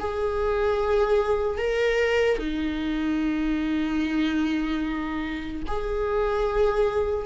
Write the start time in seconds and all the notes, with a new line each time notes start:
0.00 G#4
1.58 A#4
2.39 D#4
5.68 G#4